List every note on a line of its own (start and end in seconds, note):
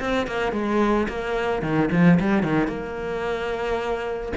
0.00 0.27 C4
0.27 0.52 A#3
0.52 1.07 G#3
1.09 1.62 A#3
1.62 1.90 D#3
1.91 2.19 F3
2.20 2.43 G3
2.43 2.67 D#3
2.67 4.32 A#3